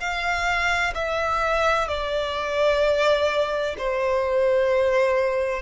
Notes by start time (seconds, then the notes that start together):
0.00 F5
0.95 E5
1.88 D5
3.78 C5